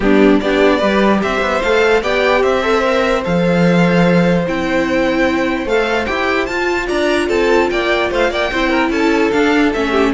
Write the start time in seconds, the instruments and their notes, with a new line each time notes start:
0.00 cello G3, viola B3, violin D4 G4
0.40 cello B3, viola D4, violin G4 D5
0.78 cello G3, viola G4, violin B4
1.22 cello C4, violin C5 E5
1.41 cello B3
1.62 cello A3, viola A4, violin F5
2.02 cello B3, viola G4, violin D5 G5
2.42 cello C4, violin C5 E5
2.63 viola A4
2.82 viola A#4
3.23 cello F3, viola A4, violin F5
4.47 cello C4, viola E4, violin G5
5.65 cello A3, viola A4, violin F5
6.05 cello E4, viola G4, violin G5
6.46 viola F4, cello F4, violin A5
6.86 cello D4, violin D5 A#5
7.28 cello C4, violin A4 A5
7.70 cello A#3, violin D5 G5
8.10 cello A3, violin C5 F5
8.30 cello A#3, violin D5 G5
8.51 cello C4, viola E4, violin C5
8.69 violin A#4
8.90 cello C#4, violin A4 A5
9.31 viola D4, cello D4, violin F5
9.73 cello A3, viola C#4, violin E5
9.90 violin G4